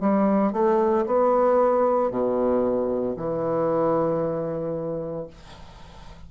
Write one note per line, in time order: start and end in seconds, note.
0.00 0.53 G3
0.53 1.05 A3
1.06 2.11 B3
2.11 3.16 B2
3.16 5.27 E3